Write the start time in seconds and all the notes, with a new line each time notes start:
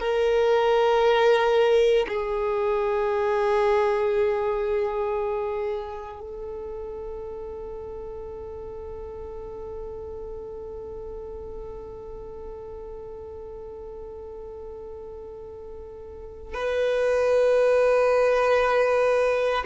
0.00 A#4
2.08 G#4
6.21 A4
16.54 B4